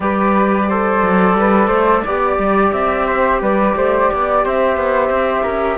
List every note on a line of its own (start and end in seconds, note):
0.00 1.01 G3
0.00 0.69 G4
0.00 0.68 B4
0.00 2.72 D5
0.68 2.06 A4
0.68 1.36 C5
1.01 1.34 F#3
1.34 1.67 G3
1.34 1.67 B4
1.67 2.01 A3
1.67 2.01 C5
2.04 2.38 B3
2.04 5.78 G4
2.04 3.06 D5
2.38 2.72 G3
2.72 3.41 C4
2.72 3.40 E5
3.06 3.40 C5
3.41 3.75 G3
3.41 3.75 B4
3.41 4.44 D5
3.75 4.09 A3
3.75 4.10 C5
4.10 4.45 B3
4.10 4.44 D5
4.44 4.77 C4
4.44 5.43 C5
4.44 5.78 E5
4.77 5.09 B3
5.09 5.43 C4
5.43 5.78 C#4
5.43 5.77 A#4